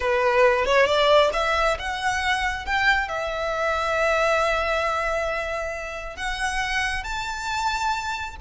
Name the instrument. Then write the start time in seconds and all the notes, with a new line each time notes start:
violin
0.00 B4
0.65 C#5
0.86 D5
1.33 E5
1.78 F#5
2.65 G5
3.08 E5
6.16 F#5
7.03 A5